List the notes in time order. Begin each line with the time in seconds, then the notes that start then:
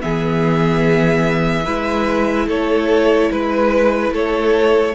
0.00 E3 B3 G#4 E5
1.65 G#3 E4 B4
2.47 A3 A4 C#5
3.31 G#3 B4
4.10 A3 A4 C#5